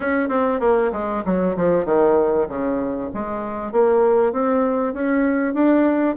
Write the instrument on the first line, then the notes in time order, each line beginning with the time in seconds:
bassoon
0.00 C#4
0.28 C4
0.60 A#3
0.92 G#3
1.25 F#3
1.56 F3
1.85 D#3
2.48 C#3
3.13 G#3
3.71 A#3
4.32 C4
4.93 C#4
5.54 D4